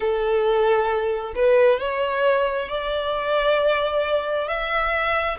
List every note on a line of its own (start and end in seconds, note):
0.00 1.34 A4
1.35 1.79 B4
1.79 2.69 C#5
2.69 4.48 D5
4.48 5.37 E5